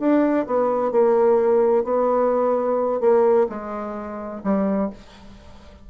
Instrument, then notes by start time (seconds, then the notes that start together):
bassoon
0.00 D4
0.47 B3
0.92 A#3
1.85 B3
3.01 A#3
3.50 G#3
4.44 G3